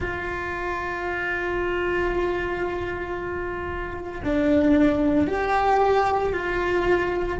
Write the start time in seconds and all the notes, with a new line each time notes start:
0.00 F4
4.23 D4
5.27 G4
6.32 F4